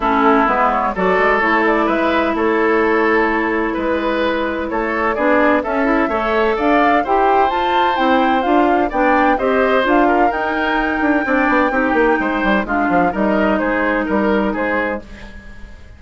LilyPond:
<<
  \new Staff \with { instrumentName = "flute" } { \time 4/4 \tempo 4 = 128 a'4 b'8 cis''8 d''4 cis''8 d''8 | e''4 cis''2. | b'2 cis''4 d''4 | e''2 f''4 g''4 |
a''4 g''4 f''4 g''4 | dis''4 f''4 g''2~ | g''2. f''4 | dis''4 c''4 ais'4 c''4 | }
  \new Staff \with { instrumentName = "oboe" } { \time 4/4 e'2 a'2 | b'4 a'2. | b'2 a'4 gis'4 | a'4 cis''4 d''4 c''4~ |
c''2. d''4 | c''4. ais'2~ ais'8 | d''4 g'4 c''4 f'4 | ais'4 gis'4 ais'4 gis'4 | }
  \new Staff \with { instrumentName = "clarinet" } { \time 4/4 cis'4 b4 fis'4 e'4~ | e'1~ | e'2. d'4 | cis'8 e'8 a'2 g'4 |
f'4 e'4 f'4 d'4 | g'4 f'4 dis'2 | d'4 dis'2 d'4 | dis'1 | }
  \new Staff \with { instrumentName = "bassoon" } { \time 4/4 a4 gis4 fis8 gis8 a4 | gis4 a2. | gis2 a4 b4 | cis'4 a4 d'4 e'4 |
f'4 c'4 d'4 b4 | c'4 d'4 dis'4. d'8 | c'8 b8 c'8 ais8 gis8 g8 gis8 f8 | g4 gis4 g4 gis4 | }
>>